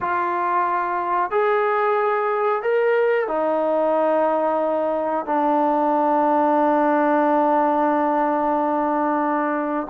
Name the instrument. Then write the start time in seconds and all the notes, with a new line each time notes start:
trombone
0.01 F4
1.30 G#4
2.62 A#4
3.27 D#4
5.25 D4